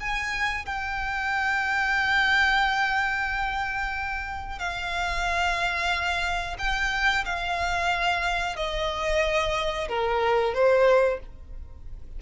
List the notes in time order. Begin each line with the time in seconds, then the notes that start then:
0.00 G#5
0.66 G5
4.59 F5
6.59 G5
7.25 F5
8.57 D#5
9.89 A#4
10.54 C5